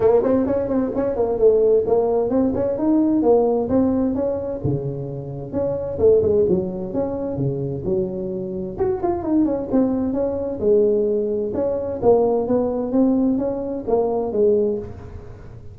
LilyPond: \new Staff \with { instrumentName = "tuba" } { \time 4/4 \tempo 4 = 130 ais8 c'8 cis'8 c'8 cis'8 ais8 a4 | ais4 c'8 cis'8 dis'4 ais4 | c'4 cis'4 cis2 | cis'4 a8 gis8 fis4 cis'4 |
cis4 fis2 fis'8 f'8 | dis'8 cis'8 c'4 cis'4 gis4~ | gis4 cis'4 ais4 b4 | c'4 cis'4 ais4 gis4 | }